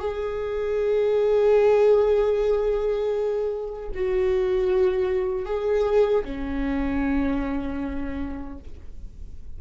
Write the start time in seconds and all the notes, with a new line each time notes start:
0.00 G#4
3.95 F#4
5.46 G#4
6.25 C#4